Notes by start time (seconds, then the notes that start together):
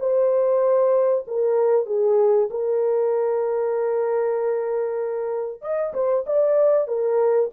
0.00 C5
1.27 A#4
1.86 G#4
2.51 A#4
5.62 D#5
5.94 C5
6.27 D5
6.88 A#4